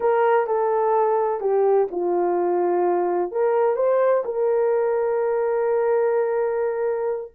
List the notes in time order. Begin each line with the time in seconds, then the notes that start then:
0.00 A#4
0.46 A4
1.40 G4
1.91 F4
3.31 A#4
3.76 C5
4.24 A#4